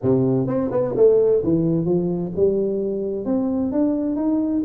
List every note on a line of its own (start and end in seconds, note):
0.02 0.47 C3
0.47 0.70 C4
0.71 0.94 B3
0.96 1.42 A3
1.43 1.85 E3
1.85 2.32 F3
2.36 3.25 G3
3.25 3.71 C4
3.71 4.15 D4
4.15 4.62 D#4